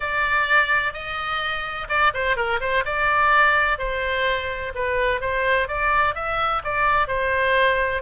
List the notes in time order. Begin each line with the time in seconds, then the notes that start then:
0.00 D5
0.93 D#5
1.89 D5
2.14 C5
2.36 A#4
2.60 C5
2.85 D5
3.78 C5
4.74 B4
5.20 C5
5.68 D5
6.15 E5
6.64 D5
7.07 C5